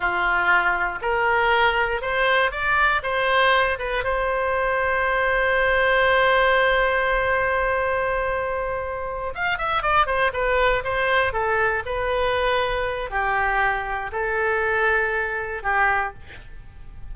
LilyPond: \new Staff \with { instrumentName = "oboe" } { \time 4/4 \tempo 4 = 119 f'2 ais'2 | c''4 d''4 c''4. b'8 | c''1~ | c''1~ |
c''2~ c''8 f''8 e''8 d''8 | c''8 b'4 c''4 a'4 b'8~ | b'2 g'2 | a'2. g'4 | }